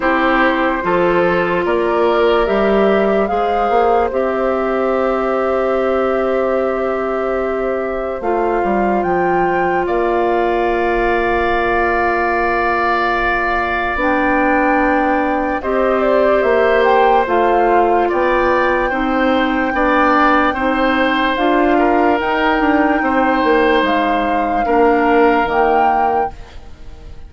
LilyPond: <<
  \new Staff \with { instrumentName = "flute" } { \time 4/4 \tempo 4 = 73 c''2 d''4 e''4 | f''4 e''2.~ | e''2 f''4 g''4 | f''1~ |
f''4 g''2 dis''8 d''8 | e''8 g''8 f''4 g''2~ | g''2 f''4 g''4~ | g''4 f''2 g''4 | }
  \new Staff \with { instrumentName = "oboe" } { \time 4/4 g'4 a'4 ais'2 | c''1~ | c''1 | d''1~ |
d''2. c''4~ | c''2 d''4 c''4 | d''4 c''4. ais'4. | c''2 ais'2 | }
  \new Staff \with { instrumentName = "clarinet" } { \time 4/4 e'4 f'2 g'4 | gis'4 g'2.~ | g'2 f'2~ | f'1~ |
f'4 d'2 g'4~ | g'4 f'2 dis'4 | d'4 dis'4 f'4 dis'4~ | dis'2 d'4 ais4 | }
  \new Staff \with { instrumentName = "bassoon" } { \time 4/4 c'4 f4 ais4 g4 | gis8 ais8 c'2.~ | c'2 a8 g8 f4 | ais1~ |
ais4 b2 c'4 | ais4 a4 b4 c'4 | b4 c'4 d'4 dis'8 d'8 | c'8 ais8 gis4 ais4 dis4 | }
>>